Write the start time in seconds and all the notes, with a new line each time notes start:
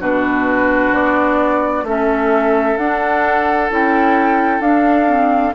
0.00 B2 D4 F#4 B4
0.93 B3 D5
1.83 A3 C#4 A4 E5
2.77 D4 F#5
3.70 C#4 E4 G5
4.60 D4 F5
5.07 C4